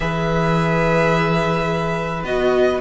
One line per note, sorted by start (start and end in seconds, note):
0.00 2.23 E3
0.00 2.23 G#4
0.00 2.80 B4
0.00 2.23 E5
2.23 2.79 B3
2.23 2.80 F#4
2.23 2.80 D#5